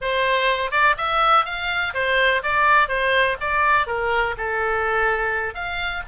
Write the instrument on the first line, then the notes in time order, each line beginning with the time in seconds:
oboe
0.01 C5
0.71 D5
0.97 E5
1.45 F5
1.94 C5
2.42 D5
2.88 C5
3.40 D5
3.87 A#4
4.37 A4
5.54 F5